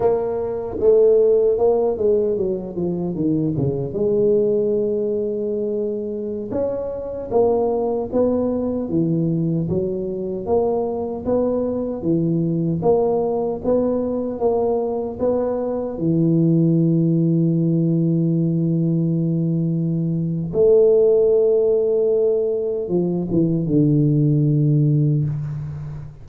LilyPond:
\new Staff \with { instrumentName = "tuba" } { \time 4/4 \tempo 4 = 76 ais4 a4 ais8 gis8 fis8 f8 | dis8 cis8 gis2.~ | gis16 cis'4 ais4 b4 e8.~ | e16 fis4 ais4 b4 e8.~ |
e16 ais4 b4 ais4 b8.~ | b16 e2.~ e8.~ | e2 a2~ | a4 f8 e8 d2 | }